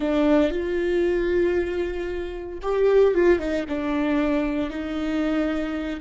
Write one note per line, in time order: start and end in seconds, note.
0.00 0.50 D4
0.50 2.59 F4
2.62 3.14 G4
3.14 3.39 F4
3.39 3.65 D#4
3.68 4.70 D4
4.70 6.00 D#4